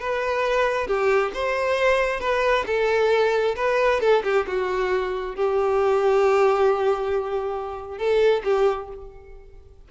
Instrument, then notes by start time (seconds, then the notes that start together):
violin
0.00 B4
0.87 G4
1.34 C5
2.20 B4
2.66 A4
3.56 B4
4.00 A4
4.24 G4
4.46 F#4
5.36 G4
7.98 A4
8.44 G4